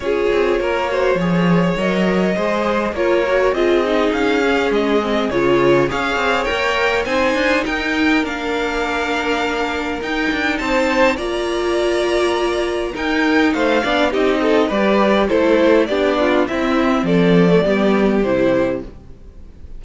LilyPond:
<<
  \new Staff \with { instrumentName = "violin" } { \time 4/4 \tempo 4 = 102 cis''2. dis''4~ | dis''4 cis''4 dis''4 f''4 | dis''4 cis''4 f''4 g''4 | gis''4 g''4 f''2~ |
f''4 g''4 a''4 ais''4~ | ais''2 g''4 f''4 | dis''4 d''4 c''4 d''4 | e''4 d''2 c''4 | }
  \new Staff \with { instrumentName = "violin" } { \time 4/4 gis'4 ais'8 c''8 cis''2 | c''4 ais'4 gis'2~ | gis'2 cis''2 | c''4 ais'2.~ |
ais'2 c''4 d''4~ | d''2 ais'4 c''8 d''8 | g'8 a'8 b'4 a'4 g'8 f'8 | e'4 a'4 g'2 | }
  \new Staff \with { instrumentName = "viola" } { \time 4/4 f'4. fis'8 gis'4 ais'4 | gis'4 f'8 fis'8 f'8 dis'4 cis'8~ | cis'8 c'8 f'4 gis'4 ais'4 | dis'2 d'2~ |
d'4 dis'2 f'4~ | f'2 dis'4. d'8 | dis'4 g'4 e'4 d'4 | c'4.~ c'16 a16 b4 e'4 | }
  \new Staff \with { instrumentName = "cello" } { \time 4/4 cis'8 c'8 ais4 f4 fis4 | gis4 ais4 c'4 cis'4 | gis4 cis4 cis'8 c'8 ais4 | c'8 d'8 dis'4 ais2~ |
ais4 dis'8 d'8 c'4 ais4~ | ais2 dis'4 a8 b8 | c'4 g4 a4 b4 | c'4 f4 g4 c4 | }
>>